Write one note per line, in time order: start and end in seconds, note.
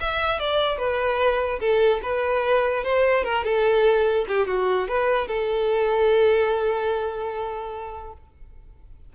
0.00 0.39 E5
0.39 0.78 D5
0.78 1.59 B4
1.59 2.00 A4
2.02 2.83 B4
2.83 3.24 C5
3.24 3.44 A#4
3.44 4.26 A4
4.27 4.47 G4
4.47 4.88 F#4
4.88 5.27 B4
5.27 8.13 A4